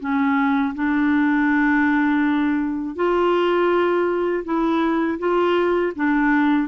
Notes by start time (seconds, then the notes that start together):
0.00 C#4
0.75 D4
2.96 F4
4.44 E4
5.19 F4
5.96 D4